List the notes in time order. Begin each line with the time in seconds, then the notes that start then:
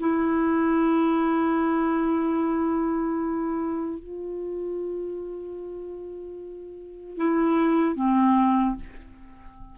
0.00 E4
4.00 F4
7.17 E4
7.96 C4